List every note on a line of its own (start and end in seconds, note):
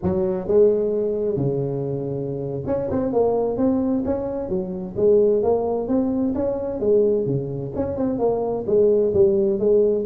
0.03 0.47 F#3
0.47 1.36 G#3
1.36 2.63 C#3
2.66 2.89 C#4
2.90 3.12 C4
3.12 3.57 A#3
3.57 4.03 C4
4.05 4.49 C#4
4.49 4.95 F#3
4.96 5.42 G#3
5.42 5.88 A#3
5.88 6.34 C4
6.34 6.80 C#4
6.80 7.26 G#3
7.26 7.72 C#3
7.75 7.97 C#4
7.97 8.19 C4
8.19 8.65 A#3
8.66 9.13 G#3
9.13 9.59 G3
9.59 10.05 G#3